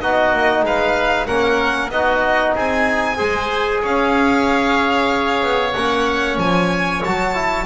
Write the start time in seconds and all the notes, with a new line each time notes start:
0.00 B3 D#4 F#4 D#5
0.33 A#3
0.63 G#3 B4 F5
1.26 A#3 C#4 A#4 F#5
1.90 B3 D#4 F#4 D#5
2.55 C4 G#4 G#5
3.16 G#3 G#4 C5
3.82 C#4 C#5 F5
5.43 B3
5.74 A#3 C#4 F#5
6.38 F3 G#5
7.04 F#3 F#4 A5
7.34 E4